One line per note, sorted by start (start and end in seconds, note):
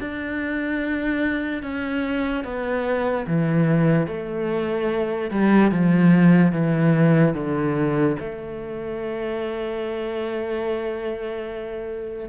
0.00 1.63 D4
1.63 2.44 C#4
2.44 3.27 B3
3.27 4.07 E3
4.07 5.31 A3
5.31 5.72 G3
5.72 6.52 F3
6.52 7.34 E3
7.34 8.17 D3
8.20 12.29 A3